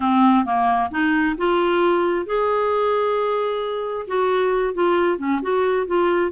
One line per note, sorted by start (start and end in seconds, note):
0.00 0.45 C4
0.45 0.90 A#3
0.90 1.35 D#4
1.37 2.26 F4
2.26 4.06 G#4
4.07 4.73 F#4
4.73 5.18 F4
5.18 5.40 C#4
5.41 5.86 F#4
5.86 6.31 F4